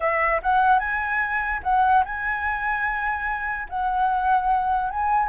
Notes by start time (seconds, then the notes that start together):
0.00 E5
0.42 F#5
0.79 G#5
1.63 F#5
2.04 G#5
3.69 F#5
4.90 G#5